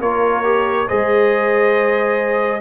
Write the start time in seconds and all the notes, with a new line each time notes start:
0.00 A#3 F4 A#4 C#5
0.43 G4
0.87 G#3 G#4 C5 D#5